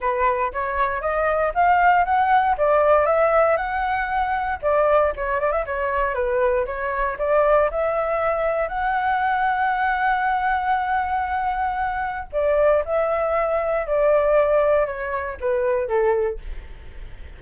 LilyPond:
\new Staff \with { instrumentName = "flute" } { \time 4/4 \tempo 4 = 117 b'4 cis''4 dis''4 f''4 | fis''4 d''4 e''4 fis''4~ | fis''4 d''4 cis''8 d''16 e''16 cis''4 | b'4 cis''4 d''4 e''4~ |
e''4 fis''2.~ | fis''1 | d''4 e''2 d''4~ | d''4 cis''4 b'4 a'4 | }